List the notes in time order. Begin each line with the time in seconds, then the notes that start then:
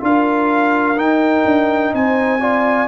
0.00 D4 F4 A#4 F5
0.96 D#4 G5
1.45 D4
1.93 C4 C5 G#5
2.40 F4 D5